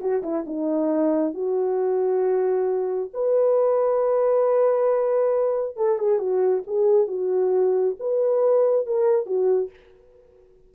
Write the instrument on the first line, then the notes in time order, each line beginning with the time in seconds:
horn
0.00 F#4
0.22 E4
0.46 D#4
1.34 F#4
3.13 B4
5.76 A4
5.98 G#4
6.18 F#4
6.67 G#4
7.07 F#4
7.99 B4
8.86 A#4
9.26 F#4